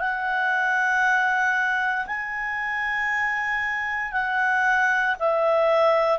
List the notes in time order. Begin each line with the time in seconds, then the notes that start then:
0.00 F#5
2.07 G#5
4.13 F#5
5.20 E5